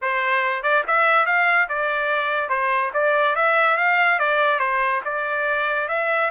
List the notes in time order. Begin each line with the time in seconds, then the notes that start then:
0.01 C5
0.62 D5
0.87 E5
1.26 F5
1.69 D5
2.49 C5
2.93 D5
3.35 E5
3.77 F5
4.19 D5
4.59 C5
5.04 D5
5.88 E5